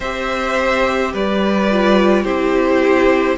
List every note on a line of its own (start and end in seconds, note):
0.00 1.13 C4
0.00 1.70 G4
0.00 1.12 C5
0.00 1.13 E5
1.12 2.24 G3
1.12 2.23 B4
1.12 2.24 D5
1.70 2.25 F4
2.23 3.37 C4
2.23 3.37 E4
2.23 3.36 G4
2.23 3.37 C5